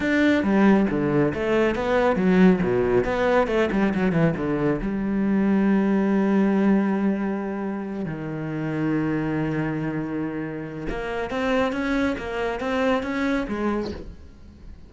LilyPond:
\new Staff \with { instrumentName = "cello" } { \time 4/4 \tempo 4 = 138 d'4 g4 d4 a4 | b4 fis4 b,4 b4 | a8 g8 fis8 e8 d4 g4~ | g1~ |
g2~ g8 dis4.~ | dis1~ | dis4 ais4 c'4 cis'4 | ais4 c'4 cis'4 gis4 | }